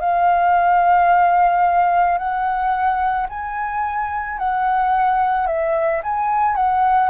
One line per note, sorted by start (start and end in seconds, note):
0.00 2.18 F5
2.18 3.27 F#5
3.29 4.38 G#5
4.38 5.46 F#5
5.46 6.01 E5
6.03 6.56 G#5
6.56 7.09 F#5